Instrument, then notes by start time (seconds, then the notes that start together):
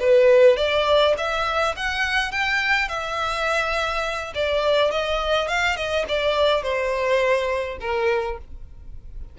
violin
0.00 B4
0.57 D5
1.18 E5
1.76 F#5
2.32 G5
2.89 E5
4.35 D5
4.91 D#5
5.48 F5
5.76 D#5
6.09 D5
6.63 C5
7.81 A#4